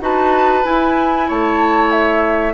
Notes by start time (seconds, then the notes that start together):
0.00 D#4 F#4 B4 A5
0.63 E4 G#5
1.27 A3 C#5 A5
1.91 E5